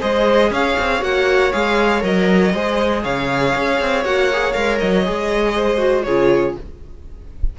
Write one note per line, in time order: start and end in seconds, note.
0.00 0.50 G#3
0.00 1.01 G#4
0.00 0.50 C5
0.00 0.52 D#5
0.50 0.75 C#4
0.50 2.53 C#5
0.50 1.03 F5
0.78 1.01 C4
1.01 1.52 A#3
1.01 1.51 F#4
1.01 1.52 F#5
1.52 2.02 G#3
1.52 2.00 G#4
1.52 2.02 F5
2.00 2.53 F#3
2.00 2.50 A#4
2.00 3.03 D#5
2.53 3.04 G#3
2.53 4.05 G#4
2.53 3.03 C5
3.03 3.55 C#3
3.03 5.55 C#5
3.03 4.04 F5
3.55 3.80 C#4
3.80 4.04 C4
4.04 4.55 A#3
4.04 4.30 F#4
4.04 4.52 F#5
4.32 4.53 G#4
4.52 4.81 G#3
4.52 5.03 A#4
4.52 4.78 F5
4.79 5.07 F#3
4.79 6.03 D#5
5.04 6.05 G#3
5.04 5.77 G#4
5.55 6.05 C5
5.77 6.03 F#4
6.03 6.56 C#3
6.03 6.58 F4
6.03 6.56 G#4
6.03 6.53 C#5